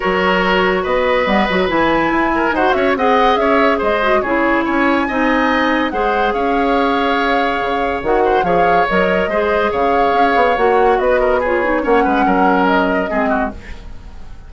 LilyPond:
<<
  \new Staff \with { instrumentName = "flute" } { \time 4/4 \tempo 4 = 142 cis''2 dis''2 | gis''2 fis''8 e''8 fis''4 | e''4 dis''4 cis''4 gis''4~ | gis''2 fis''4 f''4~ |
f''2. fis''4 | f''4 dis''2 f''4~ | f''4 fis''4 dis''4 cis''4 | fis''2 dis''2 | }
  \new Staff \with { instrumentName = "oboe" } { \time 4/4 ais'2 b'2~ | b'4. ais'8 c''8 cis''8 dis''4 | cis''4 c''4 gis'4 cis''4 | dis''2 c''4 cis''4~ |
cis''2.~ cis''8 c''8 | cis''2 c''4 cis''4~ | cis''2 b'8 ais'8 gis'4 | cis''8 b'8 ais'2 gis'8 fis'8 | }
  \new Staff \with { instrumentName = "clarinet" } { \time 4/4 fis'2. b8 fis'8 | e'2 fis'4 gis'4~ | gis'4. fis'8 e'2 | dis'2 gis'2~ |
gis'2. fis'4 | gis'4 ais'4 gis'2~ | gis'4 fis'2 f'8 dis'8 | cis'2. c'4 | }
  \new Staff \with { instrumentName = "bassoon" } { \time 4/4 fis2 b4 g8 fis8 | e4 e'4 dis'8 cis'8 c'4 | cis'4 gis4 cis4 cis'4 | c'2 gis4 cis'4~ |
cis'2 cis4 dis4 | f4 fis4 gis4 cis4 | cis'8 b8 ais4 b2 | ais8 gis8 fis2 gis4 | }
>>